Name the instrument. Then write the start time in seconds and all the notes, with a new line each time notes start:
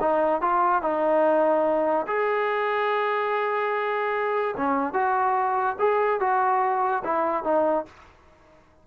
trombone
0.00 D#4
0.42 F4
0.82 D#4
2.07 G#4
4.57 C#4
4.94 F#4
5.79 G#4
6.20 F#4
7.04 E4
7.44 D#4